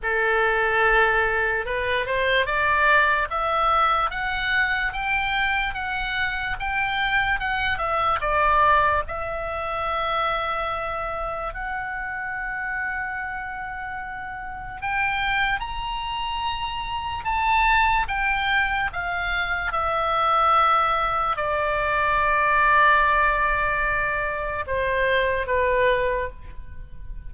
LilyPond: \new Staff \with { instrumentName = "oboe" } { \time 4/4 \tempo 4 = 73 a'2 b'8 c''8 d''4 | e''4 fis''4 g''4 fis''4 | g''4 fis''8 e''8 d''4 e''4~ | e''2 fis''2~ |
fis''2 g''4 ais''4~ | ais''4 a''4 g''4 f''4 | e''2 d''2~ | d''2 c''4 b'4 | }